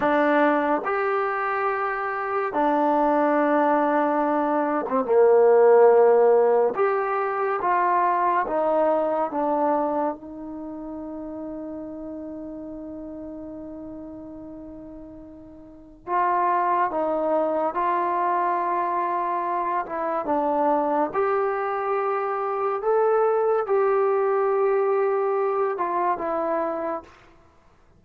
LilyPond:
\new Staff \with { instrumentName = "trombone" } { \time 4/4 \tempo 4 = 71 d'4 g'2 d'4~ | d'4.~ d'16 c'16 ais2 | g'4 f'4 dis'4 d'4 | dis'1~ |
dis'2. f'4 | dis'4 f'2~ f'8 e'8 | d'4 g'2 a'4 | g'2~ g'8 f'8 e'4 | }